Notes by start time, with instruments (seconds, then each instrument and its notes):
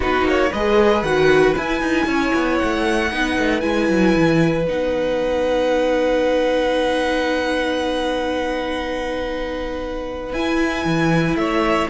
0.00 cello B3, viola D#4, violin F#4 B4
0.24 cello A#3, violin C#5
0.51 cello G#3, viola G#4, violin B4 D#5
1.02 cello D#3, viola F#4, violin F#5
1.55 viola E4, cello E4, violin G#5
1.81 cello D#4
2.05 cello C#4, violin C#5
2.34 cello B3
2.57 violin F#5
2.63 cello A3
3.11 cello B3, viola D#4, violin B4
3.37 cello A3
3.60 cello G#3, viola E4, violin G#5
3.89 cello F#3
4.15 cello E3
4.66 cello B3, viola D#4, violin F#5
10.32 cello E4, viola E4, violin G#5
10.84 cello E3
11.34 cello A3, violin C#5 E5